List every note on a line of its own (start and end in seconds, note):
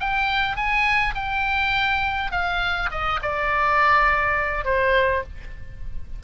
0.00 0.56 G5
0.56 1.15 G#5
1.15 2.31 G5
2.32 2.90 F5
2.91 3.20 D#5
3.23 4.65 D5
4.65 5.23 C5